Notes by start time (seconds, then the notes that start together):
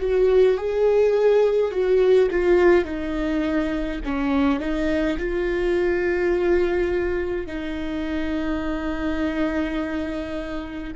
0.00 F#4
0.57 G#4
1.71 F#4
2.31 F4
2.84 D#4
4.04 C#4
4.59 D#4
5.18 F4
7.46 D#4